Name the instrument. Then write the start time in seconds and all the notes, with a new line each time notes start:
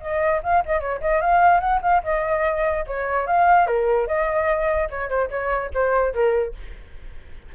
flute
0.00 D#5
0.43 F5
0.65 D#5
0.80 C#5
1.01 D#5
1.21 F5
1.60 F#5
1.81 F5
2.03 D#5
2.87 C#5
3.26 F5
3.66 A#4
4.07 D#5
4.90 C#5
5.09 C5
5.30 C#5
5.74 C5
6.13 A#4